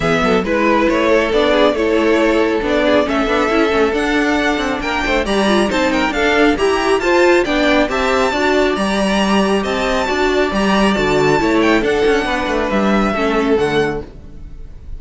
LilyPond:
<<
  \new Staff \with { instrumentName = "violin" } { \time 4/4 \tempo 4 = 137 e''4 b'4 cis''4 d''4 | cis''2 d''4 e''4~ | e''4 fis''2 g''4 | ais''4 a''8 g''8 f''4 ais''4 |
a''4 g''4 a''2 | ais''2 a''2 | ais''4 a''4. g''8 fis''4~ | fis''4 e''2 fis''4 | }
  \new Staff \with { instrumentName = "violin" } { \time 4/4 gis'8 a'8 b'4. a'4 gis'8 | a'2~ a'8 gis'8 a'4~ | a'2. ais'8 c''8 | d''4 c''8 ais'8 a'4 g'4 |
c''4 d''4 e''4 d''4~ | d''2 dis''4 d''4~ | d''2 cis''4 a'4 | b'2 a'2 | }
  \new Staff \with { instrumentName = "viola" } { \time 4/4 b4 e'2 d'4 | e'2 d'4 cis'8 d'8 | e'8 cis'8 d'2. | g'8 f'8 dis'4 d'4 g'4 |
f'4 d'4 g'4 fis'4 | g'2. fis'4 | g'4 fis'4 e'4 d'4~ | d'2 cis'4 a4 | }
  \new Staff \with { instrumentName = "cello" } { \time 4/4 e8 fis8 gis4 a4 b4 | a2 b4 a8 b8 | cis'8 a8 d'4. c'8 ais8 a8 | g4 c'4 d'4 e'4 |
f'4 b4 c'4 d'4 | g2 c'4 d'4 | g4 d4 a4 d'8 cis'8 | b8 a8 g4 a4 d4 | }
>>